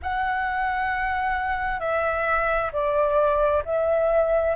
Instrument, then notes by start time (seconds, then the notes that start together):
flute
0.02 F#5
1.80 E5
2.72 D5
3.64 E5